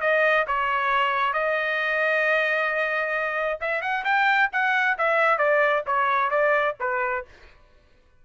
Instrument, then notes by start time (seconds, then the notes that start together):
trumpet
0.00 D#5
0.47 C#5
1.33 D#5
3.60 E5
3.81 F#5
4.04 G5
4.52 F#5
4.97 E5
5.38 D5
5.86 C#5
6.30 D5
6.80 B4